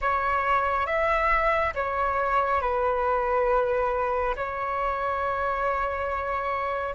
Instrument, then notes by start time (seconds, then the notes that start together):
flute
0.01 C#5
0.86 E5
1.74 C#5
2.61 B4
4.36 C#5